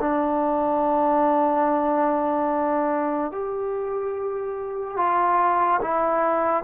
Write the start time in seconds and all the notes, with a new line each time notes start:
0.00 D4
3.31 G4
4.97 F4
5.82 E4